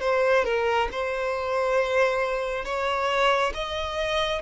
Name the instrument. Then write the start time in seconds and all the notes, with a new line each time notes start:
violin
0.00 C5
0.44 A#4
0.91 C5
2.64 C#5
3.53 D#5